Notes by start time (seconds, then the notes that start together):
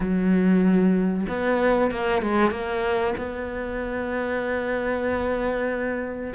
0.00 F#3
1.28 B3
1.91 A#3
2.21 G#3
2.50 A#3
3.17 B3